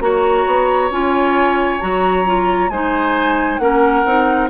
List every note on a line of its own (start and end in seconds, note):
0.00 0.45 A#3
0.00 0.90 F#4
0.00 2.72 C#5
0.00 0.90 A#5
0.47 0.90 B3
0.90 1.80 C#4
0.90 1.81 F4
0.90 1.81 G#5
1.81 2.70 F#3
1.81 2.25 F#4
1.81 2.70 A#5
2.26 2.71 F4
2.70 3.59 G#3
2.70 3.61 D#4
2.70 3.61 C5
2.70 3.58 G#5
3.58 4.04 A#3
3.58 4.05 C#4
3.58 4.50 A#4
3.58 4.48 F#5
4.05 4.50 C4
4.05 4.50 D#4